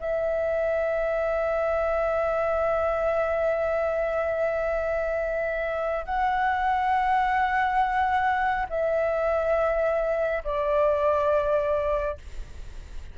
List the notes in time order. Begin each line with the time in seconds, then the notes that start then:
0.00 E5
6.06 F#5
8.70 E5
10.44 D5